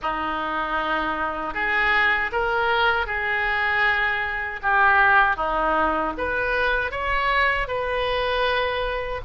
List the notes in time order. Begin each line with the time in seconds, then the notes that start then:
0.02 D#4
1.53 G#4
2.32 A#4
3.06 G#4
4.62 G4
5.36 D#4
6.17 B4
6.91 C#5
7.67 B4